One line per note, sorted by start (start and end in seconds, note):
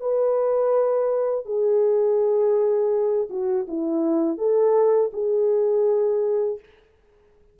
0.00 1.45 B4
1.45 3.28 G#4
3.29 3.66 F#4
3.68 4.37 E4
4.37 5.11 A4
5.13 6.59 G#4